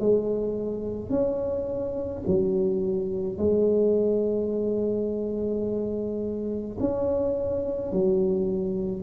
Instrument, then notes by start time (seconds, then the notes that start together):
tuba
0.00 G#3
1.10 C#4
2.27 F#3
3.38 G#3
6.80 C#4
7.92 F#3